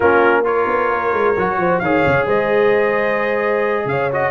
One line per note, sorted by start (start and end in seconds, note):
0.00 0.67 A#3
0.00 0.44 C#4
0.00 0.43 F4
0.00 0.44 A#4
0.44 1.35 F4
0.44 1.58 A#4
0.44 1.79 C#5
0.67 0.90 B3
0.90 1.13 A#3
1.13 1.36 G#3
1.36 1.57 F#3
1.36 1.83 F#4
1.57 1.80 F3
1.57 1.81 C5
1.79 2.04 D#3
1.79 4.11 G#4
1.79 2.26 C#5
1.79 2.24 F5
2.06 2.26 C#3
2.26 3.85 G#3
2.26 3.85 C5
2.26 3.87 D#5
3.85 4.30 C#3
3.85 4.31 C#5
3.85 4.10 F5
4.11 4.31 F#4
4.11 4.31 D#5